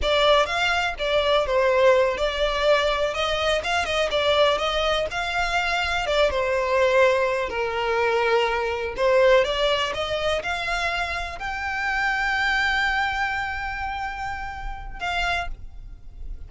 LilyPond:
\new Staff \with { instrumentName = "violin" } { \time 4/4 \tempo 4 = 124 d''4 f''4 d''4 c''4~ | c''8 d''2 dis''4 f''8 | dis''8 d''4 dis''4 f''4.~ | f''8 d''8 c''2~ c''8 ais'8~ |
ais'2~ ais'8 c''4 d''8~ | d''8 dis''4 f''2 g''8~ | g''1~ | g''2. f''4 | }